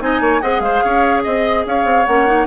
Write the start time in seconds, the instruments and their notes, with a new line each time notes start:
0.00 bassoon C4, clarinet D#4, oboe D#5, flute G#5
0.20 bassoon A#3, oboe C#5
0.41 bassoon C4, clarinet G#4, oboe D#5, flute F#5
0.60 bassoon G#3, oboe C5, flute F5
0.84 bassoon C#4, oboe C#5
1.23 bassoon C4, oboe D#5, flute D#5
1.66 bassoon C#4, oboe C#5, flute F5
1.85 bassoon C4
2.06 bassoon A#3, clarinet C#4, flute F#5
2.27 clarinet D#4